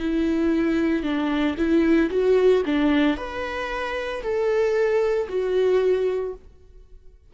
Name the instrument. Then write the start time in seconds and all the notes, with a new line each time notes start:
viola
0.00 E4
1.03 D4
1.57 E4
2.11 F#4
2.66 D4
3.17 B4
4.23 A4
5.29 F#4